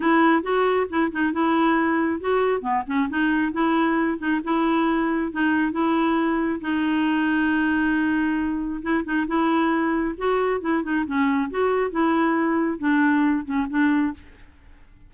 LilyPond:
\new Staff \with { instrumentName = "clarinet" } { \time 4/4 \tempo 4 = 136 e'4 fis'4 e'8 dis'8 e'4~ | e'4 fis'4 b8 cis'8 dis'4 | e'4. dis'8 e'2 | dis'4 e'2 dis'4~ |
dis'1 | e'8 dis'8 e'2 fis'4 | e'8 dis'8 cis'4 fis'4 e'4~ | e'4 d'4. cis'8 d'4 | }